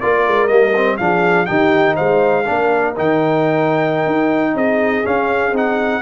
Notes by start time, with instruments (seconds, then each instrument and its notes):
0.00 tuba A#3, trombone F4, horn A#4, trumpet D5
0.28 tuba G#3
0.48 tuba G3, trombone A#3, trumpet D#5
0.76 trombone C4
0.97 tuba F3, trombone D4, horn G#4, trumpet F5
1.46 tuba D#3, trombone D#4, horn G4, trumpet G5
1.95 tuba G#3, horn C5, trumpet F5
2.45 tuba A#3, trombone D4, horn A#4
2.97 tuba D#3, trombone D#4, trumpet G5
4.07 tuba D#4
4.54 tuba C4, horn G#4, trumpet D#5
5.04 trombone C#4, tuba C#4, trumpet F5
5.52 tuba C4, trombone D#4, trumpet F#5